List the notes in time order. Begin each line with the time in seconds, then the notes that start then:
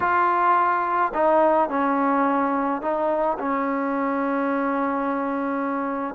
0.00 F4
1.14 D#4
1.69 C#4
2.81 D#4
3.38 C#4